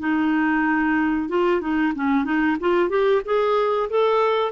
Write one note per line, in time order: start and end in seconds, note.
0.00 1.29 D#4
1.29 1.61 F4
1.61 1.93 D#4
1.95 2.25 C#4
2.25 2.57 D#4
2.60 2.90 F4
2.90 3.22 G4
3.25 3.90 G#4
3.90 4.52 A4